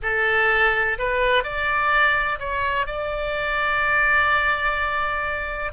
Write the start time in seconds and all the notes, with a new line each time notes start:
0.02 A4
0.98 B4
1.43 D5
2.39 C#5
2.86 D5